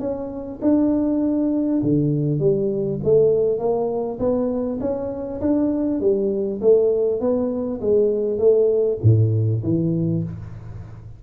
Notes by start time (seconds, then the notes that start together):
0.00 C#4
0.62 D4
1.83 D3
2.40 G3
3.04 A3
3.59 A#3
4.20 B3
4.81 C#4
5.41 D4
6.01 G3
6.62 A3
7.21 B3
7.81 G#3
8.39 A3
9.03 A2
9.64 E3